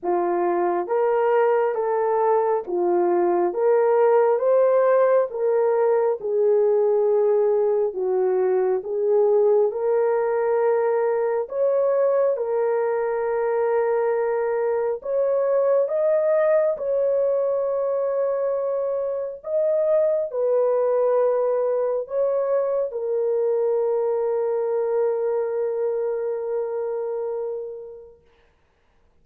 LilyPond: \new Staff \with { instrumentName = "horn" } { \time 4/4 \tempo 4 = 68 f'4 ais'4 a'4 f'4 | ais'4 c''4 ais'4 gis'4~ | gis'4 fis'4 gis'4 ais'4~ | ais'4 cis''4 ais'2~ |
ais'4 cis''4 dis''4 cis''4~ | cis''2 dis''4 b'4~ | b'4 cis''4 ais'2~ | ais'1 | }